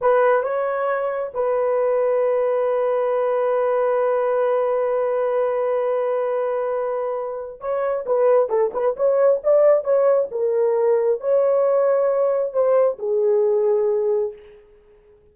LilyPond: \new Staff \with { instrumentName = "horn" } { \time 4/4 \tempo 4 = 134 b'4 cis''2 b'4~ | b'1~ | b'1~ | b'1~ |
b'4 cis''4 b'4 a'8 b'8 | cis''4 d''4 cis''4 ais'4~ | ais'4 cis''2. | c''4 gis'2. | }